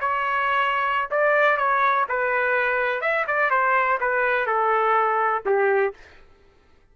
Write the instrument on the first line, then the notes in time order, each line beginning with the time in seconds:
trumpet
0.00 C#5
1.10 D5
1.57 C#5
2.09 B4
3.01 E5
3.27 D5
3.50 C5
4.00 B4
4.46 A4
5.45 G4